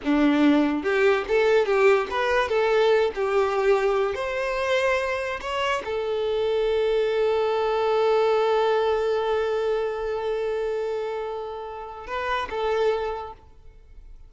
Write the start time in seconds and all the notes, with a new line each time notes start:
0.04 D4
0.83 G4
1.27 A4
1.65 G4
2.10 B4
2.48 A4
3.14 G4
4.15 C5
5.40 C#5
5.84 A4
12.06 B4
12.50 A4